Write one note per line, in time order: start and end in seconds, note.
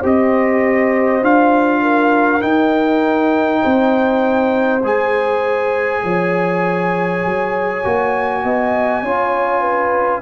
0.00 1.22 C4
0.00 1.23 G4
0.00 1.80 C5
0.06 1.25 D#5
1.22 2.42 D4
1.22 2.42 F4
1.22 2.42 F5
1.82 3.62 A#4
2.42 4.82 D#4
2.42 3.63 D#4
2.42 4.82 G5
3.62 4.83 C4
3.62 6.02 C5
4.83 6.03 G#3
4.83 7.84 G#4
4.83 10.22 G#5
6.04 7.24 F3
6.04 8.44 C#5
7.25 7.85 F#3
7.84 8.44 A#3
7.84 9.04 F#4
8.44 9.03 B3
8.44 9.03 D#5
9.03 10.22 C#4
9.03 10.22 F4
9.03 9.61 C#5
9.61 10.21 B4